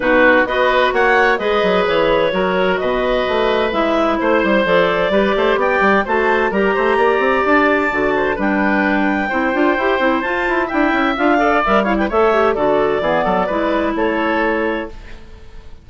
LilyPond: <<
  \new Staff \with { instrumentName = "clarinet" } { \time 4/4 \tempo 4 = 129 b'4 dis''4 fis''4 dis''4 | cis''2 dis''2 | e''4 c''4 d''2 | g''4 a''4 ais''2 |
a''2 g''2~ | g''2 a''4 g''4 | f''4 e''8 f''16 g''16 e''4 d''4~ | d''2 cis''2 | }
  \new Staff \with { instrumentName = "oboe" } { \time 4/4 fis'4 b'4 cis''4 b'4~ | b'4 ais'4 b'2~ | b'4 c''2 b'8 c''8 | d''4 c''4 ais'8 c''8 d''4~ |
d''4. c''8 b'2 | c''2. e''4~ | e''8 d''4 cis''16 b'16 cis''4 a'4 | gis'8 a'8 b'4 a'2 | }
  \new Staff \with { instrumentName = "clarinet" } { \time 4/4 dis'4 fis'2 gis'4~ | gis'4 fis'2. | e'2 a'4 g'4~ | g'4 fis'4 g'2~ |
g'4 fis'4 d'2 | e'8 f'8 g'8 e'8 f'4 e'4 | f'8 a'8 ais'8 e'8 a'8 g'8 fis'4 | b4 e'2. | }
  \new Staff \with { instrumentName = "bassoon" } { \time 4/4 b,4 b4 ais4 gis8 fis8 | e4 fis4 b,4 a4 | gis4 a8 g8 f4 g8 a8 | b8 g8 a4 g8 a8 ais8 c'8 |
d'4 d4 g2 | c'8 d'8 e'8 c'8 f'8 e'8 d'8 cis'8 | d'4 g4 a4 d4 | e8 fis8 gis4 a2 | }
>>